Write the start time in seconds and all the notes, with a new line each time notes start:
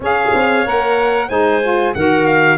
0.00 C#4 G#4 C#5 F5
0.33 C4
0.65 A#3 A#4 F#5
1.28 G#3 D#4 C5 G#5
1.62 F4
1.94 D#3 F#4 A#4 F#5
2.26 F5